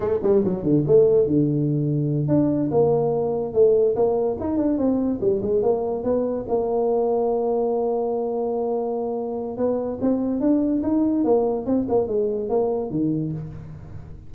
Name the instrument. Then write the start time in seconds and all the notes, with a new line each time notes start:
tuba
0.00 A3
0.23 G3
0.44 F#3
0.63 D3
0.87 A3
1.26 D3
2.28 D4
2.71 A#3
3.53 A3
3.95 A#3
4.39 D#4
4.57 D4
4.78 C4
5.20 G3
5.42 G#3
5.62 A#3
6.03 B3
6.48 A#3
9.57 B3
10.01 C4
10.40 D4
10.82 D#4
11.24 A#3
11.66 C4
11.88 A#3
12.07 G#3
12.49 A#3
12.90 D#3